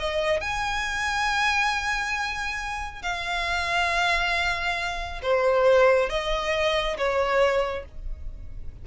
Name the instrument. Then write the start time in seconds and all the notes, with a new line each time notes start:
violin
0.00 D#5
0.41 G#5
3.03 F5
5.23 C5
6.10 D#5
6.98 C#5